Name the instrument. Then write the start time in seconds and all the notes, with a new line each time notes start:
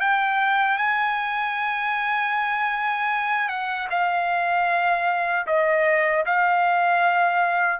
trumpet
0.00 G5
0.78 G#5
3.49 F#5
3.90 F5
5.47 D#5
6.26 F5